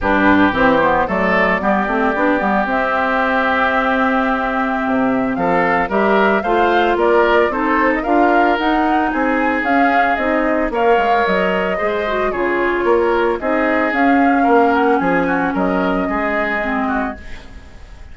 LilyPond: <<
  \new Staff \with { instrumentName = "flute" } { \time 4/4 \tempo 4 = 112 b'4 c''4 d''2~ | d''4 e''2.~ | e''2 f''4 e''4 | f''4 d''4 c''8. dis''16 f''4 |
fis''4 gis''4 f''4 dis''4 | f''4 dis''2 cis''4~ | cis''4 dis''4 f''4. fis''8 | gis''4 dis''2. | }
  \new Staff \with { instrumentName = "oboe" } { \time 4/4 g'2 a'4 g'4~ | g'1~ | g'2 a'4 ais'4 | c''4 ais'4 a'4 ais'4~ |
ais'4 gis'2. | cis''2 c''4 gis'4 | ais'4 gis'2 ais'4 | gis'8 fis'8 ais'4 gis'4. fis'8 | }
  \new Staff \with { instrumentName = "clarinet" } { \time 4/4 d'4 c'8 b8 a4 b8 c'8 | d'8 b8 c'2.~ | c'2. g'4 | f'2 dis'4 f'4 |
dis'2 cis'4 dis'4 | ais'2 gis'8 fis'8 f'4~ | f'4 dis'4 cis'2~ | cis'2. c'4 | }
  \new Staff \with { instrumentName = "bassoon" } { \time 4/4 g,4 e4 fis4 g8 a8 | b8 g8 c'2.~ | c'4 c4 f4 g4 | a4 ais4 c'4 d'4 |
dis'4 c'4 cis'4 c'4 | ais8 gis8 fis4 gis4 cis4 | ais4 c'4 cis'4 ais4 | f4 fis4 gis2 | }
>>